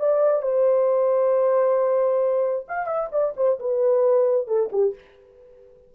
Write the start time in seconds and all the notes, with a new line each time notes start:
0.00 D5
0.42 C5
2.68 F5
2.87 E5
3.12 D5
3.37 C5
3.59 B4
4.47 A4
4.72 G4